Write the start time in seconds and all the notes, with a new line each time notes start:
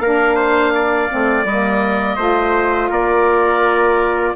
0.00 A#3 D4 A#4 F5
0.36 C5
0.75 D5
1.10 A3 C4
1.45 G3 A#3 D#5
2.17 A3 F4 C5
2.90 A#3 A#4 D5